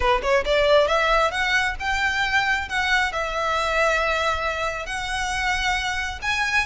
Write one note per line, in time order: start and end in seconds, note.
0.00 0.21 B4
0.22 0.44 C#5
0.45 0.87 D5
0.87 1.31 E5
1.31 1.75 F#5
1.79 2.68 G5
2.68 3.12 F#5
3.12 4.86 E5
4.86 6.19 F#5
6.22 6.66 G#5